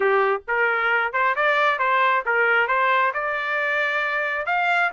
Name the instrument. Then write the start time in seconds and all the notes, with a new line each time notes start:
trumpet
0.00 G4
0.47 A#4
1.12 C5
1.35 D5
1.78 C5
2.25 A#4
2.67 C5
3.13 D5
4.46 F5